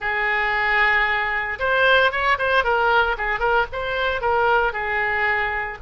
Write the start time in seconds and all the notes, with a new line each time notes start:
0.00 G#4
1.59 C5
2.11 C#5
2.38 C5
2.63 A#4
3.17 G#4
3.39 A#4
3.72 C5
4.21 A#4
4.72 G#4